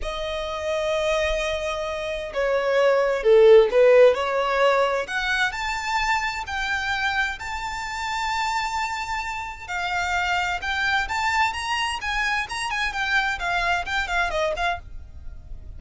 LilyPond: \new Staff \with { instrumentName = "violin" } { \time 4/4 \tempo 4 = 130 dis''1~ | dis''4 cis''2 a'4 | b'4 cis''2 fis''4 | a''2 g''2 |
a''1~ | a''4 f''2 g''4 | a''4 ais''4 gis''4 ais''8 gis''8 | g''4 f''4 g''8 f''8 dis''8 f''8 | }